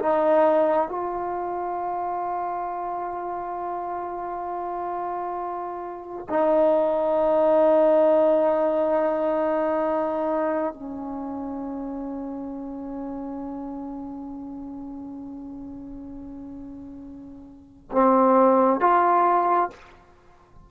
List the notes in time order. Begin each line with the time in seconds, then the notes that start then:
0.00 D#4
0.89 F4
6.30 D#4
10.74 C#4
17.92 C4
18.81 F4